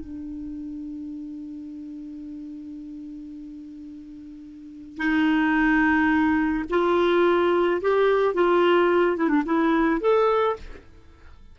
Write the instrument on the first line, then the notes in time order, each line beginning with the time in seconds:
clarinet
0.00 D4
4.97 D#4
6.70 F4
7.81 G4
8.34 F4
9.17 E4
9.29 D4
9.45 E4
10.01 A4